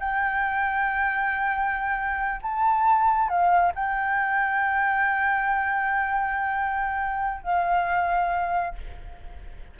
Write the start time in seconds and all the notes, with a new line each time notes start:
0.00 G5
2.42 A5
3.28 F5
3.75 G5
7.43 F5